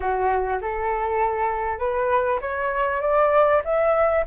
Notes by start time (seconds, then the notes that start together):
0.00 F#4
0.61 A4
1.79 B4
2.41 C#5
3.01 D5
3.64 E5